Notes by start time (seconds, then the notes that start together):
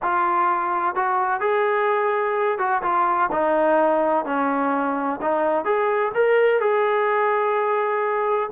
0.02 F4
0.95 F#4
1.40 G#4
2.58 F#4
2.82 F4
3.31 D#4
4.25 C#4
5.21 D#4
5.64 G#4
6.14 A#4
6.60 G#4